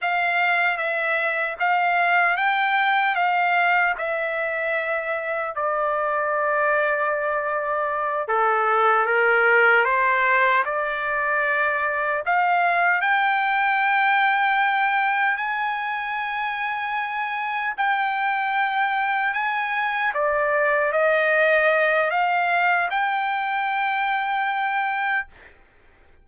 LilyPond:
\new Staff \with { instrumentName = "trumpet" } { \time 4/4 \tempo 4 = 76 f''4 e''4 f''4 g''4 | f''4 e''2 d''4~ | d''2~ d''8 a'4 ais'8~ | ais'8 c''4 d''2 f''8~ |
f''8 g''2. gis''8~ | gis''2~ gis''8 g''4.~ | g''8 gis''4 d''4 dis''4. | f''4 g''2. | }